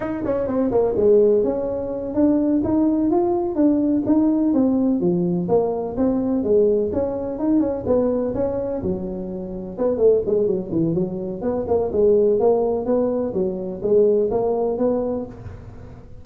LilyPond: \new Staff \with { instrumentName = "tuba" } { \time 4/4 \tempo 4 = 126 dis'8 cis'8 c'8 ais8 gis4 cis'4~ | cis'8 d'4 dis'4 f'4 d'8~ | d'8 dis'4 c'4 f4 ais8~ | ais8 c'4 gis4 cis'4 dis'8 |
cis'8 b4 cis'4 fis4.~ | fis8 b8 a8 gis8 fis8 e8 fis4 | b8 ais8 gis4 ais4 b4 | fis4 gis4 ais4 b4 | }